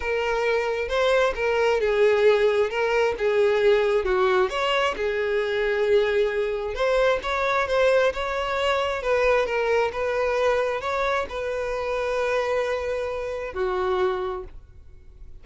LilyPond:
\new Staff \with { instrumentName = "violin" } { \time 4/4 \tempo 4 = 133 ais'2 c''4 ais'4 | gis'2 ais'4 gis'4~ | gis'4 fis'4 cis''4 gis'4~ | gis'2. c''4 |
cis''4 c''4 cis''2 | b'4 ais'4 b'2 | cis''4 b'2.~ | b'2 fis'2 | }